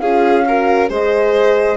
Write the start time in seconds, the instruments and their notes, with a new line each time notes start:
0.00 bassoon C#4, horn F4, violin G#4, flute F5
0.47 horn F#4, violin A#4
0.89 bassoon G#3, horn G#4, violin C5, flute D#5